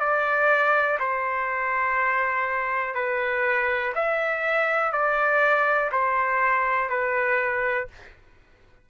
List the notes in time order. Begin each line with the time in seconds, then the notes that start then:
0.00 D5
0.99 C5
2.95 B4
3.95 E5
4.92 D5
5.92 C5
6.89 B4